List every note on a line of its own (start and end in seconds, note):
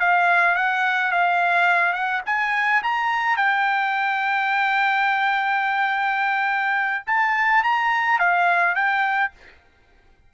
0.00 0.56 F5
0.56 1.12 F#5
1.12 1.93 F5
1.93 2.21 F#5
2.26 2.83 G#5
2.83 3.37 A#5
3.37 7.05 G5
7.07 7.63 A5
7.64 8.19 A#5
8.19 8.75 F5
8.75 9.32 G5